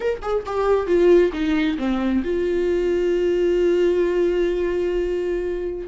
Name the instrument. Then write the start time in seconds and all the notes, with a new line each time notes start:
viola
0.00 A#4
0.21 G#4
0.46 G4
0.86 F4
1.32 D#4
1.78 C4
2.24 F4